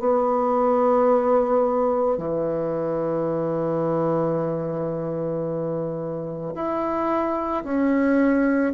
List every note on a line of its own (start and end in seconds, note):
0.00 2.18 B3
2.18 6.54 E3
6.55 7.64 E4
7.64 8.73 C#4